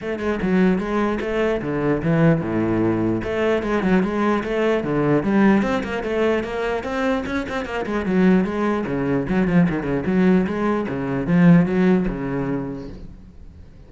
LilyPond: \new Staff \with { instrumentName = "cello" } { \time 4/4 \tempo 4 = 149 a8 gis8 fis4 gis4 a4 | d4 e4 a,2 | a4 gis8 fis8 gis4 a4 | d4 g4 c'8 ais8 a4 |
ais4 c'4 cis'8 c'8 ais8 gis8 | fis4 gis4 cis4 fis8 f8 | dis8 cis8 fis4 gis4 cis4 | f4 fis4 cis2 | }